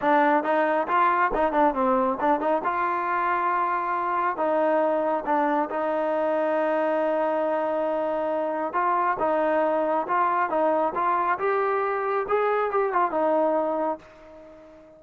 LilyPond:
\new Staff \with { instrumentName = "trombone" } { \time 4/4 \tempo 4 = 137 d'4 dis'4 f'4 dis'8 d'8 | c'4 d'8 dis'8 f'2~ | f'2 dis'2 | d'4 dis'2.~ |
dis'1 | f'4 dis'2 f'4 | dis'4 f'4 g'2 | gis'4 g'8 f'8 dis'2 | }